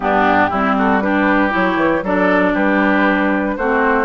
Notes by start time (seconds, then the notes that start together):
0.00 G2 B3 D4 G4
0.50 G3 C4 E4
0.77 F#4 A4
1.01 D4 G4 B4
1.49 F#3 E4 C#5
1.76 E3
2.02 F#3 D4 A4 D5
2.53 G3 G4 B4
3.56 A3 C4 F#4 C5